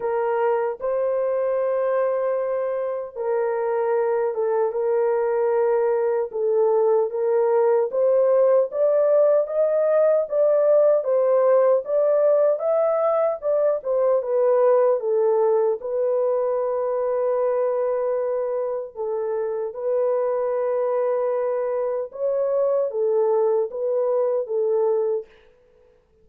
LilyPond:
\new Staff \with { instrumentName = "horn" } { \time 4/4 \tempo 4 = 76 ais'4 c''2. | ais'4. a'8 ais'2 | a'4 ais'4 c''4 d''4 | dis''4 d''4 c''4 d''4 |
e''4 d''8 c''8 b'4 a'4 | b'1 | a'4 b'2. | cis''4 a'4 b'4 a'4 | }